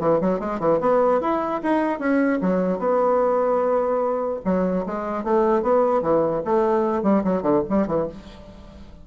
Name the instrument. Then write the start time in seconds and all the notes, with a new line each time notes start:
bassoon
0.00 E3
0.21 F#3
0.40 G#3
0.60 E3
0.81 B3
1.21 E4
1.63 D#4
1.99 C#4
2.41 F#3
2.79 B3
4.45 F#3
4.86 G#3
5.24 A3
5.62 B3
6.02 E3
6.45 A3
7.03 G3
7.24 F#3
7.43 D3
7.70 G3
7.87 E3